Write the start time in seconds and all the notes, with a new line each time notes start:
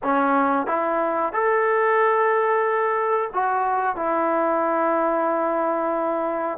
0.03 C#4
0.67 E4
1.32 A4
3.33 F#4
3.96 E4